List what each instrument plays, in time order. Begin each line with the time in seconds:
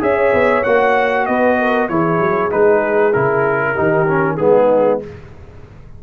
0.00 tuba C#4, trombone G#4, horn C#5, trumpet E5
0.33 tuba B3
0.63 tuba A#3, trombone F#4, trumpet F#5
1.26 tuba B3, horn B4, trumpet D#5
1.58 horn A#4
1.88 tuba E3, trombone E4, horn G#4, trumpet C#5
2.19 tuba F#3
2.50 tuba G#3, trombone D#4, trumpet B4
3.13 tuba C#3, trombone E4, trumpet A#4
3.73 tuba D#3, trombone D#4, horn G4
4.07 trombone C#4
4.36 tuba G#3, trombone B3, horn D#4, trumpet G#4